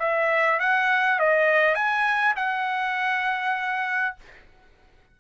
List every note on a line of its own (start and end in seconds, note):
0.00 0.60 E5
0.60 1.20 F#5
1.20 1.75 D#5
1.75 2.35 G#5
2.36 4.16 F#5